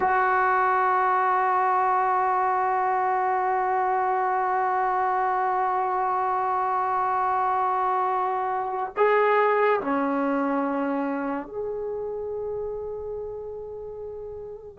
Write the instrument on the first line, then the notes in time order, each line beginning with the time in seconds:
trombone
0.00 F#4
8.97 G#4
9.81 C#4
11.47 G#4